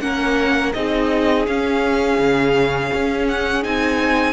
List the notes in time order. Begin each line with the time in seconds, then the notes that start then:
0.00 A#3 C#4 A#4 F#5
0.73 C4 D#4 G#4 D#5
1.47 C#4 F5
2.19 C#3
2.94 C#4
3.28 F#5
3.63 C4 D#4 G#5